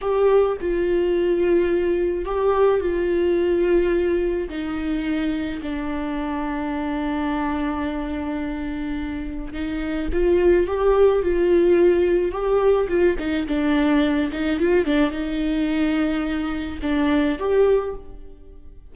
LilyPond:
\new Staff \with { instrumentName = "viola" } { \time 4/4 \tempo 4 = 107 g'4 f'2. | g'4 f'2. | dis'2 d'2~ | d'1~ |
d'4 dis'4 f'4 g'4 | f'2 g'4 f'8 dis'8 | d'4. dis'8 f'8 d'8 dis'4~ | dis'2 d'4 g'4 | }